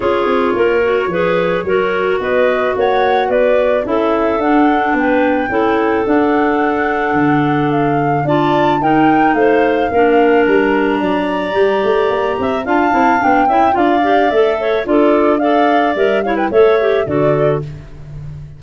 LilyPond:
<<
  \new Staff \with { instrumentName = "flute" } { \time 4/4 \tempo 4 = 109 cis''1 | dis''4 fis''4 d''4 e''4 | fis''4 g''2 fis''4~ | fis''2 f''4 a''4 |
g''4 f''2 ais''4~ | ais''2. a''4 | g''4 f''4 e''4 d''4 | f''4 e''8 f''16 g''16 e''4 d''4 | }
  \new Staff \with { instrumentName = "clarinet" } { \time 4/4 gis'4 ais'4 b'4 ais'4 | b'4 cis''4 b'4 a'4~ | a'4 b'4 a'2~ | a'2. d''4 |
ais'4 c''4 ais'2 | d''2~ d''8 e''8 f''4~ | f''8 e''8 d''4. cis''8 a'4 | d''4. cis''16 b'16 cis''4 a'4 | }
  \new Staff \with { instrumentName = "clarinet" } { \time 4/4 f'4. fis'8 gis'4 fis'4~ | fis'2. e'4 | d'2 e'4 d'4~ | d'2. f'4 |
dis'2 d'2~ | d'4 g'2 f'8 e'8 | d'8 e'8 f'8 g'8 a'4 f'4 | a'4 ais'8 e'8 a'8 g'8 fis'4 | }
  \new Staff \with { instrumentName = "tuba" } { \time 4/4 cis'8 c'8 ais4 f4 fis4 | b4 ais4 b4 cis'4 | d'4 b4 cis'4 d'4~ | d'4 d2 d'4 |
dis'4 a4 ais4 g4 | fis4 g8 a8 ais8 c'8 d'8 c'8 | b8 cis'8 d'4 a4 d'4~ | d'4 g4 a4 d4 | }
>>